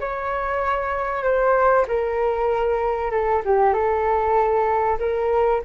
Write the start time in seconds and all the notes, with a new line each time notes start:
0.00 C#5
1.23 C5
1.88 A#4
3.11 A4
3.45 G4
3.74 A4
4.99 A#4